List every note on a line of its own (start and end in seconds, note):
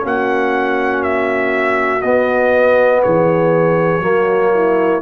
0.00 2.03 A#3
0.00 2.00 C#4
0.00 3.03 F#4
0.06 1.03 F#5
1.03 2.01 E5
2.01 3.03 B3
2.01 4.01 B3
2.01 3.01 D#5
3.03 4.00 E3
3.03 4.05 G#4
3.03 5.02 C#5
4.00 5.00 F#3
4.00 5.01 A#3
4.06 4.53 F#4
4.53 5.02 E4